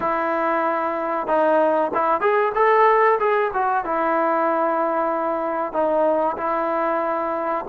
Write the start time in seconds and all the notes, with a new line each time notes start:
0.00 E4
1.27 D#4
1.94 E4
2.20 G#4
2.54 A4
3.19 G#4
3.53 F#4
3.84 E4
5.72 D#4
6.37 E4